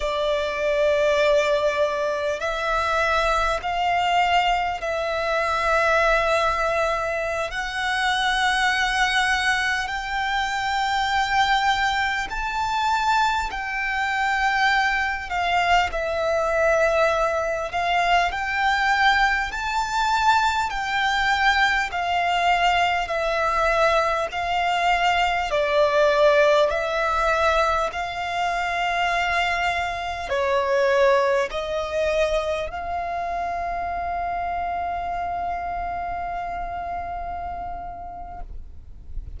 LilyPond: \new Staff \with { instrumentName = "violin" } { \time 4/4 \tempo 4 = 50 d''2 e''4 f''4 | e''2~ e''16 fis''4.~ fis''16~ | fis''16 g''2 a''4 g''8.~ | g''8. f''8 e''4. f''8 g''8.~ |
g''16 a''4 g''4 f''4 e''8.~ | e''16 f''4 d''4 e''4 f''8.~ | f''4~ f''16 cis''4 dis''4 f''8.~ | f''1 | }